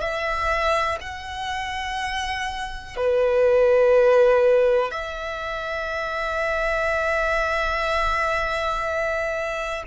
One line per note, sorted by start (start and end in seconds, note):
0.00 0.98 E5
1.01 2.96 F#5
2.96 4.91 B4
4.91 9.83 E5